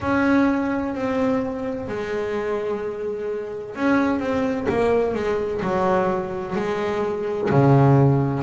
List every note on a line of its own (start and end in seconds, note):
0.00 0.94 C#4
0.94 1.87 C4
1.87 3.75 G#3
3.75 4.19 C#4
4.19 4.66 C4
4.69 5.14 A#3
5.14 5.61 G#3
5.62 6.55 F#3
6.55 7.49 G#3
7.50 8.42 C#3